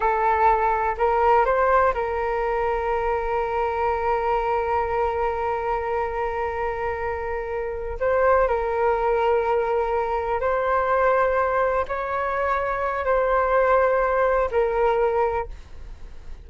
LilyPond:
\new Staff \with { instrumentName = "flute" } { \time 4/4 \tempo 4 = 124 a'2 ais'4 c''4 | ais'1~ | ais'1~ | ais'1~ |
ais'8 c''4 ais'2~ ais'8~ | ais'4. c''2~ c''8~ | c''8 cis''2~ cis''8 c''4~ | c''2 ais'2 | }